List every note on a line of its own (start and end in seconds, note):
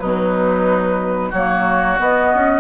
0.00 1.33 B2
0.00 1.33 F#3
0.00 1.30 D#4
0.00 1.32 B4
1.30 1.99 F#3
1.30 1.98 A#3
1.30 2.61 F#4
1.30 1.99 C#5
1.98 2.61 B3
1.98 2.33 B3
1.98 2.61 D#5
2.34 2.61 C#4